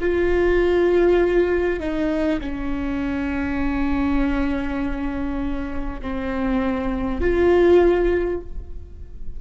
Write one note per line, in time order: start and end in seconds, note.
0.00 1.79 F4
1.79 2.39 D#4
2.41 6.01 C#4
6.01 7.20 C4
7.20 8.40 F4